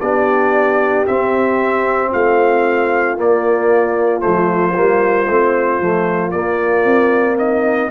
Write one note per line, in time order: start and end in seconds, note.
0.00 1.06 B3
0.00 1.07 D4
0.00 2.10 G4
0.00 1.05 D5
1.07 3.17 C4
1.07 2.12 C4
1.07 2.12 E5
2.10 3.18 A3
2.10 7.36 F4
2.10 3.18 F5
3.17 4.20 A#3
3.17 4.23 A#3
3.17 4.21 D5
4.20 4.77 F3
4.20 4.73 A3
4.20 6.31 C5
4.74 5.28 G3
4.74 5.26 A#3
5.28 5.80 A3
5.28 5.81 C4
5.80 6.32 F3
5.80 6.33 A3
6.31 6.84 A#3
6.31 7.91 A#3
6.31 7.36 D5
6.84 7.90 C4
7.38 7.91 D#4
7.38 7.91 D#5